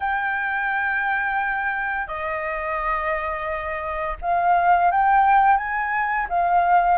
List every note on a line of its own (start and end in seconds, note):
0.00 2.07 G5
2.07 4.16 D#5
4.21 4.91 F5
4.91 5.57 G5
5.57 6.27 G#5
6.29 6.98 F5